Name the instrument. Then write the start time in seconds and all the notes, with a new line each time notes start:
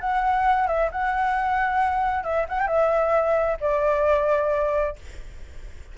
flute
0.00 F#5
0.67 E5
0.91 F#5
2.23 E5
2.48 F#5
2.59 G5
2.67 E5
3.60 D5